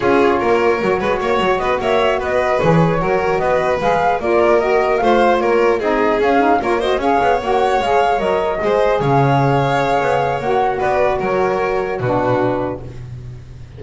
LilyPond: <<
  \new Staff \with { instrumentName = "flute" } { \time 4/4 \tempo 4 = 150 cis''1 | dis''8 e''4 dis''4 cis''4.~ | cis''8 dis''4 f''4 d''4 dis''8~ | dis''8 f''4 cis''4 dis''4 f''8~ |
f''8 cis''8 dis''8 f''4 fis''4 f''8~ | f''8 dis''2 f''4.~ | f''2 fis''4 d''4 | cis''2 b'2 | }
  \new Staff \with { instrumentName = "violin" } { \time 4/4 gis'4 ais'4. b'8 cis''4 | b'8 cis''4 b'2 ais'8~ | ais'8 b'2 ais'4.~ | ais'8 c''4 ais'4 gis'4.~ |
gis'8 ais'8 c''8 cis''2~ cis''8~ | cis''4. c''4 cis''4.~ | cis''2. b'4 | ais'2 fis'2 | }
  \new Staff \with { instrumentName = "saxophone" } { \time 4/4 f'2 fis'2~ | fis'2~ fis'8 gis'4 fis'8~ | fis'4. gis'4 f'4 fis'8~ | fis'8 f'2 dis'4 cis'8 |
dis'8 f'8 fis'8 gis'4 fis'4 gis'8~ | gis'8 ais'4 gis'2~ gis'8~ | gis'2 fis'2~ | fis'2 d'2 | }
  \new Staff \with { instrumentName = "double bass" } { \time 4/4 cis'4 ais4 fis8 gis8 ais8 fis8 | b8 ais4 b4 e4 fis8~ | fis8 b4 gis4 ais4.~ | ais8 a4 ais4 c'4 cis'8~ |
cis'8 ais4 cis'8 b8 ais4 gis8~ | gis8 fis4 gis4 cis4.~ | cis4 b4 ais4 b4 | fis2 b,2 | }
>>